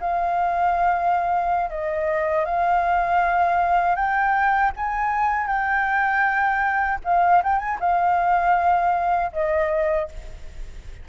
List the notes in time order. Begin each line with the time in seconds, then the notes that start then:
0.00 F5
1.70 D#5
2.45 F5
3.95 G5
4.76 G#5
5.47 G5
7.04 F5
7.43 G5
7.59 G#5
7.80 F5
9.32 D#5